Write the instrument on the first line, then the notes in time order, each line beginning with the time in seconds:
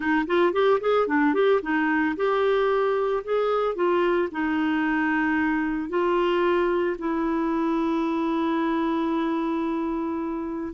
clarinet
0.00 D#4
0.27 F4
0.52 G4
0.80 G#4
1.07 D4
1.33 G4
1.61 D#4
2.16 G4
3.24 G#4
3.75 F4
4.31 D#4
5.89 F4
6.98 E4